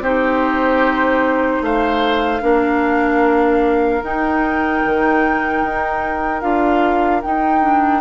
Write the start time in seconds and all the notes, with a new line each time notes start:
0.00 C4 D#4 G4 C5
1.62 A3 C5 F5
2.41 A#3 D4 A#4
4.03 D#4 G5
4.85 D#3
5.64 D#4
6.41 D4 F4 F5
7.22 D#4 G5
7.62 D4